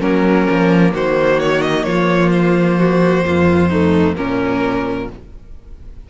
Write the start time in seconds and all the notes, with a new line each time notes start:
0.00 F#3 A#3 C#4 A#4
0.51 F3
0.93 D#3 F#4 C5
1.40 C#5
1.62 D#5
1.83 F3 F4 C#5
2.30 C5
2.78 F#4
3.24 F2 F4
3.69 A3 D#4
4.16 A#2 A#3 C#4 A#4